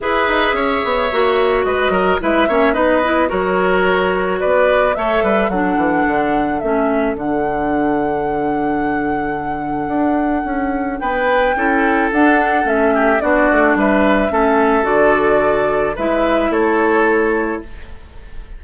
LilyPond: <<
  \new Staff \with { instrumentName = "flute" } { \time 4/4 \tempo 4 = 109 e''2. dis''4 | e''4 dis''4 cis''2 | d''4 e''4 fis''2 | e''4 fis''2.~ |
fis''1 | g''2 fis''4 e''4 | d''4 e''2 d''4~ | d''4 e''4 cis''2 | }
  \new Staff \with { instrumentName = "oboe" } { \time 4/4 b'4 cis''2 b'8 ais'8 | b'8 cis''8 b'4 ais'2 | b'4 cis''8 b'8 a'2~ | a'1~ |
a'1 | b'4 a'2~ a'8 g'8 | fis'4 b'4 a'2~ | a'4 b'4 a'2 | }
  \new Staff \with { instrumentName = "clarinet" } { \time 4/4 gis'2 fis'2 | e'8 cis'8 dis'8 e'8 fis'2~ | fis'4 a'4 d'2 | cis'4 d'2.~ |
d'1~ | d'4 e'4 d'4 cis'4 | d'2 cis'4 fis'4~ | fis'4 e'2. | }
  \new Staff \with { instrumentName = "bassoon" } { \time 4/4 e'8 dis'8 cis'8 b8 ais4 gis8 fis8 | gis8 ais8 b4 fis2 | b4 a8 g8 fis8 e8 d4 | a4 d2.~ |
d2 d'4 cis'4 | b4 cis'4 d'4 a4 | b8 a8 g4 a4 d4~ | d4 gis4 a2 | }
>>